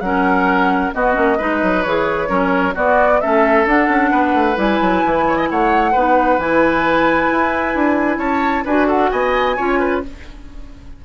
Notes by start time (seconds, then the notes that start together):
0.00 F#3 C#4 A#4 F#5
0.93 B3 F#4 D#5
1.13 A#3 C#4
1.37 G#3 D#4 B4
1.62 F#3
1.83 E3 G#4 C#5
2.27 F#3 C#4 A#4
2.74 B3 F#4 D5
3.20 A3 C#4 A4 E5
3.65 D4 F#5
3.88 C#4
4.11 B3 B4
4.34 A3
4.55 G3 E4 G#5
4.80 F#3
5.05 E3
5.27 C#5
5.36 D#5
5.49 A3 C#5 F#5
5.91 B3 D#4 B4
6.37 E3 E4 G#5
7.31 E4
7.74 D4
8.17 C#4 C#5 A5
8.64 D4 F#4 B4 G#5
8.87 A4 F#5
9.11 B3 D#5 G#5
9.56 C#4 F4 C#5
9.79 B4